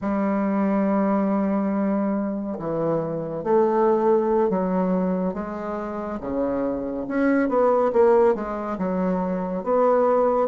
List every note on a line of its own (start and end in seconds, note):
0.01 2.58 G3
2.59 3.43 E3
3.43 4.49 A3
4.49 5.33 F#3
5.33 6.19 G#3
6.20 7.06 C#3
7.08 7.48 C#4
7.48 7.91 B3
7.92 8.34 A#3
8.34 8.77 G#3
8.78 9.64 F#3
9.64 10.48 B3